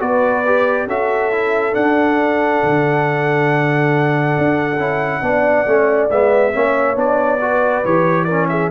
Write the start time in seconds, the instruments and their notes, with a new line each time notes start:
0.00 tuba B3, trombone F#4, horn B4, trumpet D5
0.47 trombone G4
0.87 tuba C#4, trombone F#4, horn A4, trumpet E5
1.32 trombone E4
1.72 trombone D4, tuba D4, trumpet F#5
2.64 tuba D3
4.39 tuba D4
4.78 tuba C#4, trombone E4
5.22 tuba B3, trombone D4, horn D5
5.67 tuba A3, trombone C#4
6.11 tuba G#3, trombone B3, trumpet E5
6.53 tuba A#3, trombone C#4, horn C#5
6.95 tuba B3, trombone D4, trumpet D5
7.41 trombone F#4, horn B4
7.85 tuba E3, trombone G4, trumpet C#5
8.25 trombone C#4, horn A#4, trumpet D5
8.49 horn G#4, trumpet E5